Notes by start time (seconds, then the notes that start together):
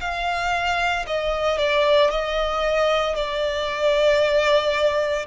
0.00 F5
1.06 D#5
1.58 D5
2.10 D#5
3.15 D5